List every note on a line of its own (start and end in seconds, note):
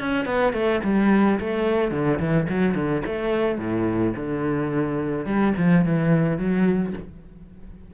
0.00 0.26 C#4
0.26 0.53 B3
0.53 0.81 A3
0.84 1.40 G3
1.40 1.91 A3
1.91 2.19 D3
2.20 2.47 E3
2.49 2.75 F#3
2.75 3.03 D3
3.06 3.59 A3
3.59 4.14 A2
4.16 5.26 D3
5.26 5.54 G3
5.57 5.85 F3
5.85 6.38 E3
6.38 6.93 F#3